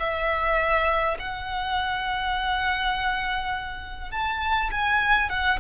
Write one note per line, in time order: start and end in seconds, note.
0.00 1.18 E5
1.20 4.12 F#5
4.12 4.71 A5
4.72 5.30 G#5
5.30 5.60 F#5